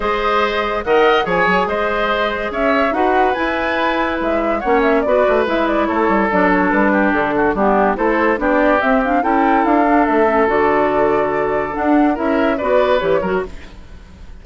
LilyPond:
<<
  \new Staff \with { instrumentName = "flute" } { \time 4/4 \tempo 4 = 143 dis''2 fis''4 gis''4 | dis''2 e''4 fis''4 | gis''2 e''4 fis''8 e''8 | d''4 e''8 d''8 cis''4 d''8 cis''8 |
b'4 a'4 g'4 c''4 | d''4 e''8 f''8 g''4 f''4 | e''4 d''2. | fis''4 e''4 d''4 cis''4 | }
  \new Staff \with { instrumentName = "oboe" } { \time 4/4 c''2 dis''4 cis''4 | c''2 cis''4 b'4~ | b'2. cis''4 | b'2 a'2~ |
a'8 g'4 fis'8 d'4 a'4 | g'2 a'2~ | a'1~ | a'4 ais'4 b'4. ais'8 | }
  \new Staff \with { instrumentName = "clarinet" } { \time 4/4 gis'2 ais'4 gis'4~ | gis'2. fis'4 | e'2. cis'4 | fis'4 e'2 d'4~ |
d'2 b4 e'4 | d'4 c'8 d'8 e'4. d'8~ | d'8 cis'8 fis'2. | d'4 e'4 fis'4 g'8 fis'8 | }
  \new Staff \with { instrumentName = "bassoon" } { \time 4/4 gis2 dis4 f8 fis8 | gis2 cis'4 dis'4 | e'2 gis4 ais4 | b8 a8 gis4 a8 g8 fis4 |
g4 d4 g4 a4 | b4 c'4 cis'4 d'4 | a4 d2. | d'4 cis'4 b4 e8 fis8 | }
>>